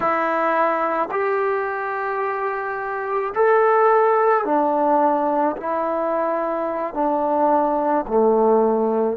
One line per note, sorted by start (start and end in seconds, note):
0.00 1.09 E4
1.11 3.33 G4
3.34 4.44 A4
4.44 5.56 D4
5.57 6.94 E4
6.94 8.05 D4
8.07 9.17 A3